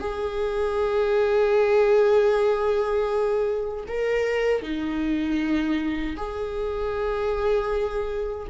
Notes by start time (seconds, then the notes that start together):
0.00 G#4
3.88 A#4
4.63 D#4
6.17 G#4